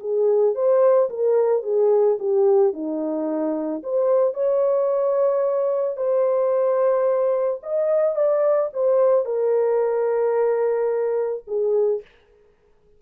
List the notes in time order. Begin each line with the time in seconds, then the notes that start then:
0.00 G#4
0.55 C5
1.10 A#4
1.63 G#4
2.19 G4
2.73 D#4
3.83 C5
4.34 C#5
5.97 C5
7.63 D#5
8.15 D5
8.73 C5
9.25 A#4
11.47 G#4